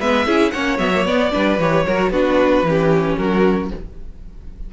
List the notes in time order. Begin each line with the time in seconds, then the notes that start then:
0.00 G#3 B3 B4 E5
0.26 C#4 E4 G#4
0.51 A#3 C#4 C#5 F#5
0.79 F#3 B3 E5
0.95 A#3
1.05 B3 D5
1.31 G3 D4 B4
1.59 E3 G4 C#5
1.87 F#3 F#4 A#4
2.11 B3 D4 F#4 B4
2.63 E3 C#4
2.69 G4
3.17 F#3 F#4 A#4